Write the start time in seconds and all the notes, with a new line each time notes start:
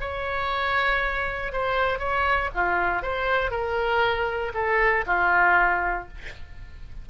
0.00 C#5
1.52 C5
1.99 C#5
2.54 F4
3.02 C5
3.50 A#4
4.53 A4
5.06 F4